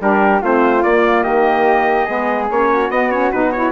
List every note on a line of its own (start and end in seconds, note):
0.00 0.42 G3
0.00 0.41 D4
0.00 0.42 G4
0.00 0.44 A#4
0.42 0.84 A3
0.42 0.85 C4
0.42 1.24 F4
0.42 0.83 C5
0.83 1.26 A#3
0.83 2.08 A#3
0.83 1.24 D5
1.24 2.08 D#3
1.24 2.06 G4
1.24 2.48 D#5
2.06 2.50 G#3
2.06 2.50 B3
2.06 2.68 G#4
2.51 2.90 A#3
2.51 2.92 C#4
2.51 2.91 C#5
2.71 3.72 F#4
2.90 3.31 B3
2.90 3.12 B3
2.90 3.11 D#5
3.11 3.33 C#4
3.11 3.32 C#5
3.32 3.72 B2
3.32 3.54 D#4
3.32 3.52 B4
3.52 3.72 E4
3.52 3.72 C#5